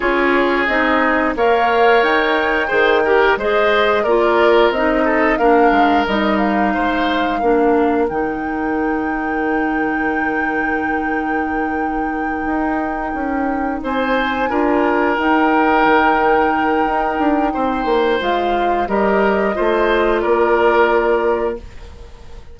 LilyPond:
<<
  \new Staff \with { instrumentName = "flute" } { \time 4/4 \tempo 4 = 89 cis''4 dis''4 f''4 g''4~ | g''4 dis''4 d''4 dis''4 | f''4 dis''8 f''2~ f''8 | g''1~ |
g''1~ | g''8 gis''2 g''4.~ | g''2. f''4 | dis''2 d''2 | }
  \new Staff \with { instrumentName = "oboe" } { \time 4/4 gis'2 cis''2 | c''8 ais'8 c''4 ais'4. a'8 | ais'2 c''4 ais'4~ | ais'1~ |
ais'1~ | ais'8 c''4 ais'2~ ais'8~ | ais'2 c''2 | ais'4 c''4 ais'2 | }
  \new Staff \with { instrumentName = "clarinet" } { \time 4/4 f'4 dis'4 ais'2 | gis'8 g'8 gis'4 f'4 dis'4 | d'4 dis'2 d'4 | dis'1~ |
dis'1~ | dis'4. f'4 dis'4.~ | dis'2. f'4 | g'4 f'2. | }
  \new Staff \with { instrumentName = "bassoon" } { \time 4/4 cis'4 c'4 ais4 dis'4 | dis4 gis4 ais4 c'4 | ais8 gis8 g4 gis4 ais4 | dis1~ |
dis2~ dis8 dis'4 cis'8~ | cis'8 c'4 d'4 dis'4 dis8~ | dis4 dis'8 d'8 c'8 ais8 gis4 | g4 a4 ais2 | }
>>